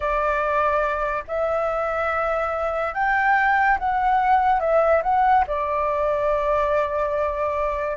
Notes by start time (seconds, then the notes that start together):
0.00 D5
1.27 E5
2.94 G5
3.78 F#5
4.59 E5
5.02 F#5
5.47 D5